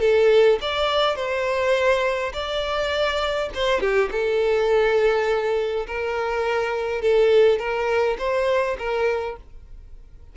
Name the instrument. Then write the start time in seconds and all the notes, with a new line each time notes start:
violin
0.00 A4
0.61 D5
1.15 C5
2.33 D5
3.54 C5
3.80 G4
4.11 A4
5.86 A#4
7.01 A4
7.58 A#4
8.18 C5
8.78 A#4